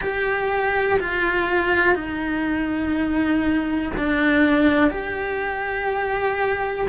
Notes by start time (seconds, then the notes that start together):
0.00 G4
0.99 F4
1.94 D#4
3.97 D4
4.90 G4